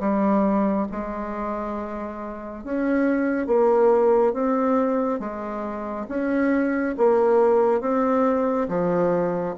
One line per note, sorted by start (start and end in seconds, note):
0.00 0.87 G3
0.92 2.64 G#3
2.64 3.47 C#4
3.47 4.33 A#3
4.33 5.20 C4
5.20 6.07 G#3
6.09 6.96 C#4
6.98 7.81 A#3
7.81 8.68 C4
8.68 9.55 F3